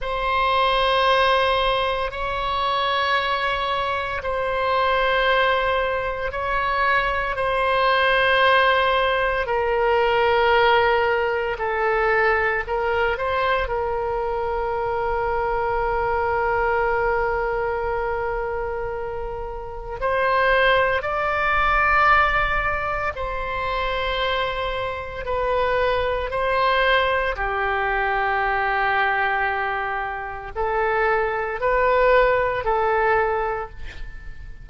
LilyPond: \new Staff \with { instrumentName = "oboe" } { \time 4/4 \tempo 4 = 57 c''2 cis''2 | c''2 cis''4 c''4~ | c''4 ais'2 a'4 | ais'8 c''8 ais'2.~ |
ais'2. c''4 | d''2 c''2 | b'4 c''4 g'2~ | g'4 a'4 b'4 a'4 | }